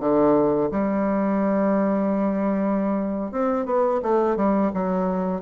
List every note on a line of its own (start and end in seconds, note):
0.00 0.70 D3
0.71 3.31 G3
3.31 3.66 C4
3.66 4.01 B3
4.02 4.36 A3
4.36 4.71 G3
4.73 5.41 F#3